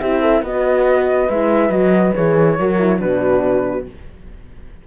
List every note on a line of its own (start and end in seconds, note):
0.00 0.42 C4
0.00 0.45 E4
0.00 0.21 G4
0.00 0.43 E5
0.21 0.42 A4
0.42 1.28 B3
0.42 1.30 F#4
0.42 2.56 B4
0.42 1.30 D#5
1.29 1.69 G#3
1.29 1.72 E4
1.29 1.71 E5
1.69 2.12 F#3
1.69 2.15 F#4
1.69 2.14 D#5
2.15 2.59 E3
2.15 2.58 G#4
2.15 3.00 C#5
2.58 3.01 F#3
2.58 2.79 F#4
2.58 3.00 A#4
2.79 2.99 E4
2.99 3.87 B2
2.99 3.85 D4
2.99 3.86 F#4
2.99 3.86 B4